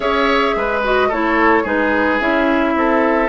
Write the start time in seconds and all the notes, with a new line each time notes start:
0.00 C#4 G#4 C#5 E5
0.55 G#3 B4
0.83 F#4 D#5
1.08 A3 E4 A4 C#5
1.63 G#3 D#4 G#4 B4
2.19 C#4 E4 E5
2.75 C4 A4